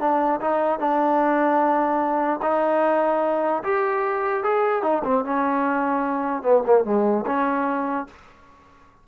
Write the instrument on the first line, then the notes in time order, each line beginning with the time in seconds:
trombone
0.00 D4
0.41 D#4
0.79 D4
2.43 D#4
3.64 G4
4.44 G#4
4.83 D#4
5.05 C4
5.25 C#4
6.43 B3
6.66 A#3
6.85 G#3
7.27 C#4